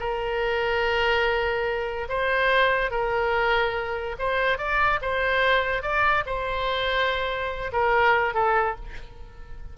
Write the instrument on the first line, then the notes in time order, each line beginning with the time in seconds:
oboe
0.00 A#4
2.09 C5
2.91 A#4
4.19 C5
4.58 D5
5.02 C5
5.83 D5
6.26 C5
7.73 A#4
8.34 A4